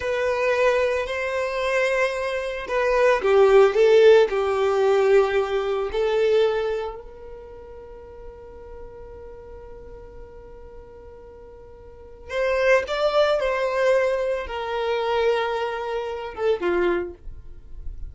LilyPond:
\new Staff \with { instrumentName = "violin" } { \time 4/4 \tempo 4 = 112 b'2 c''2~ | c''4 b'4 g'4 a'4 | g'2. a'4~ | a'4 ais'2.~ |
ais'1~ | ais'2. c''4 | d''4 c''2 ais'4~ | ais'2~ ais'8 a'8 f'4 | }